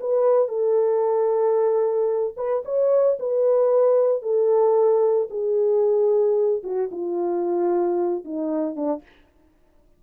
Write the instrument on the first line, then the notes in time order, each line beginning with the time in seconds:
horn
0.00 B4
0.48 A4
2.37 B4
2.65 C#5
3.20 B4
4.22 A4
5.30 G#4
6.63 F#4
6.91 F4
8.24 D#4
8.76 D4